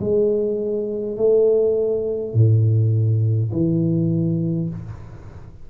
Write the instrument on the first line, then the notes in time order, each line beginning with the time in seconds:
tuba
0.00 G#3
1.17 A3
2.34 A2
3.52 E3